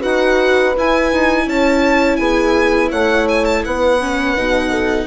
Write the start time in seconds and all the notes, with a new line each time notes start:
0.00 D#4 F#4 B4 F#5
0.77 E4 G#5
1.12 D#4
1.46 C#4 C#5 A5
2.16 B3 G#4 G#5
2.89 A3 C#5 F#5
3.29 G#5
3.45 A5
3.65 B3 B4 F#5
4.00 C#4
4.37 B2 D#4
4.70 A4